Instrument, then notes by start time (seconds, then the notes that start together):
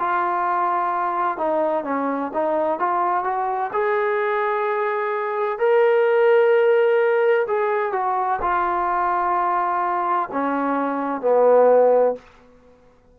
trombone
0.00 F4
1.38 D#4
1.85 C#4
2.34 D#4
2.79 F4
3.24 F#4
3.73 G#4
5.59 A#4
7.47 G#4
7.93 F#4
8.42 F4
10.32 C#4
11.22 B3